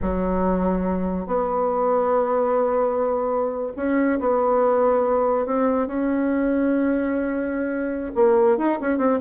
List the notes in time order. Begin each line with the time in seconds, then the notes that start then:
0.01 F#3
1.26 B3
3.76 C#4
4.19 B3
5.45 C4
5.87 C#4
8.14 A#3
8.57 D#4
8.80 C#4
8.98 C4